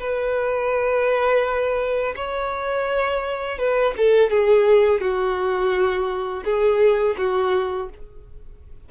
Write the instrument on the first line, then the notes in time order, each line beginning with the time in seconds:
violin
0.00 B4
2.16 C#5
3.58 B4
3.97 A4
4.30 G#4
5.00 F#4
6.44 G#4
7.18 F#4